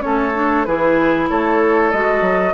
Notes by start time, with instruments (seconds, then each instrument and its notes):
0.00 bassoon A3, clarinet C#4, oboe A4, flute C#5
0.34 clarinet D4
0.64 bassoon E3, clarinet E4, oboe G#4, flute B4
1.29 bassoon A3, oboe A4, flute C#5
1.91 bassoon G#3, clarinet F#4, flute D#5
2.21 bassoon F#3